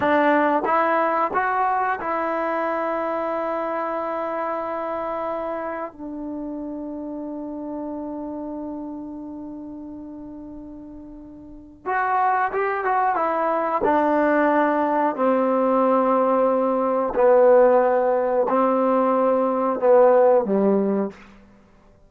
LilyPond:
\new Staff \with { instrumentName = "trombone" } { \time 4/4 \tempo 4 = 91 d'4 e'4 fis'4 e'4~ | e'1~ | e'4 d'2.~ | d'1~ |
d'2 fis'4 g'8 fis'8 | e'4 d'2 c'4~ | c'2 b2 | c'2 b4 g4 | }